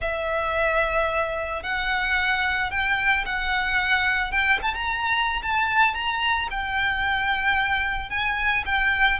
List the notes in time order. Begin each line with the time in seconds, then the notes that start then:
0.01 E5
1.62 F#5
2.70 G5
3.25 F#5
4.31 G5
4.61 A5
4.74 A#5
5.42 A5
5.94 A#5
6.50 G5
8.10 G#5
8.65 G5